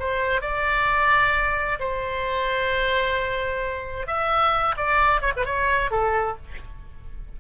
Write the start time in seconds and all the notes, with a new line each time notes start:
0.00 C5
0.42 D5
1.80 C5
4.07 E5
4.77 D5
5.22 C#5
5.37 B4
5.46 C#5
5.91 A4